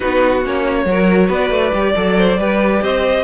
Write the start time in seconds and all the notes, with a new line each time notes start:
0.00 B3 D#4 F#4 B4
0.43 A#3 C#4 C#5
0.85 F#3 F#4 A#4
1.27 B3 B4 D5
1.50 A3
1.73 G3 G4
1.95 F#3 A4 D5
2.18 C5
2.37 G3 G4 B4
2.81 C4 C5 D#5